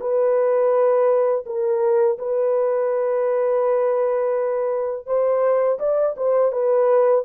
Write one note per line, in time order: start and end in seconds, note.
0.00 1.45 B4
1.46 2.18 A#4
2.18 5.06 B4
5.06 5.79 C5
5.79 6.15 D5
6.16 6.52 C5
6.52 7.24 B4